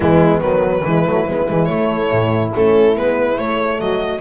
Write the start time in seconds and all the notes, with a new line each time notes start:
0.00 E3 G#3 B3 E4
0.40 D#3 F#3 B4
0.83 E3 G#3 E4
1.05 F#3 A3
1.27 G#3 B3
1.48 E3 G#3
1.64 A3 C#5
2.11 A2
2.54 A3 C#4 A4
2.95 G#3 B3 B4
3.37 A3 C#5
3.80 F#3 F#4 D#5